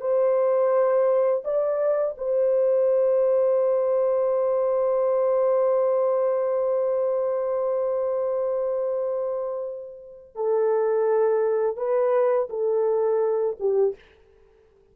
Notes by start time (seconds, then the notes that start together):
0.00 C5
1.44 D5
2.18 C5
10.35 A4
11.77 B4
12.49 A4
13.59 G4